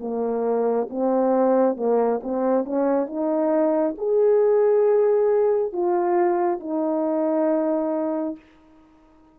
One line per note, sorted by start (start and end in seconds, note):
0.00 0.88 A#3
0.89 1.76 C4
1.76 2.20 A#3
2.23 2.65 C4
2.65 3.06 C#4
3.06 3.95 D#4
3.97 5.72 G#4
5.72 6.60 F4
6.60 8.36 D#4